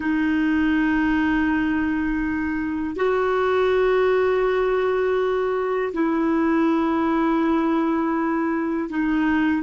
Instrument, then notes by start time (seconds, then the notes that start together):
clarinet
0.00 D#4
2.96 F#4
5.93 E4
8.89 D#4